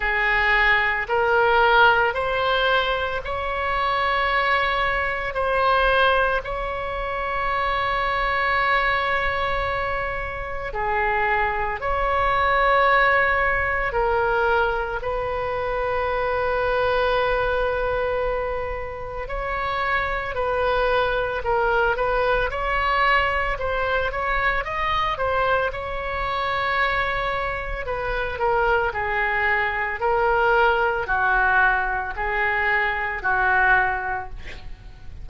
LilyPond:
\new Staff \with { instrumentName = "oboe" } { \time 4/4 \tempo 4 = 56 gis'4 ais'4 c''4 cis''4~ | cis''4 c''4 cis''2~ | cis''2 gis'4 cis''4~ | cis''4 ais'4 b'2~ |
b'2 cis''4 b'4 | ais'8 b'8 cis''4 c''8 cis''8 dis''8 c''8 | cis''2 b'8 ais'8 gis'4 | ais'4 fis'4 gis'4 fis'4 | }